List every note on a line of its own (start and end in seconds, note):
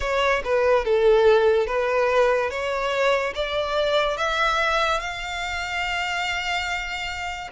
0.00 0.42 C#5
0.44 0.84 B4
0.84 1.67 A4
1.67 2.50 B4
2.50 3.33 C#5
3.34 4.17 D5
4.17 5.00 E5
5.00 7.50 F5